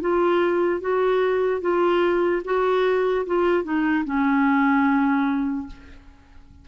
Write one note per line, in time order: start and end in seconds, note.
0.00 0.80 F4
0.80 1.61 F#4
1.61 2.42 F4
2.44 3.25 F#4
3.26 3.63 F4
3.63 4.04 D#4
4.05 5.67 C#4